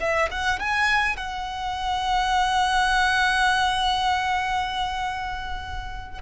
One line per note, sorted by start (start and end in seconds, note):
0.00 0.29 E5
0.30 0.59 F#5
0.59 1.16 G#5
1.16 6.21 F#5